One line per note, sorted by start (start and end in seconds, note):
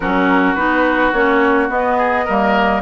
0.00 0.55 F#3
0.00 0.56 C#4
0.00 1.97 F#4
0.00 0.54 A#4
0.54 1.12 B3
0.54 1.13 D#4
0.54 1.11 B4
1.12 1.69 A#3
1.12 1.69 C#4
1.12 1.69 C#5
1.69 2.25 B3
1.69 2.26 B3
1.69 2.82 D#5
1.97 2.24 G#4
2.24 2.82 G3
2.24 2.82 A#3
2.24 2.81 A#4